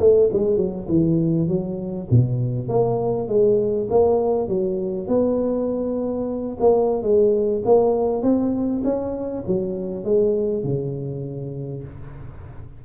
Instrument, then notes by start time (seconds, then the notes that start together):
tuba
0.00 A3
0.33 G#3
0.57 F#3
0.89 E3
1.48 F#3
2.11 B2
2.69 A#3
3.28 G#3
3.91 A#3
4.48 F#3
5.08 B3
6.61 A#3
7.03 G#3
7.65 A#3
8.23 C4
8.84 C#4
9.47 F#3
10.05 G#3
10.64 C#3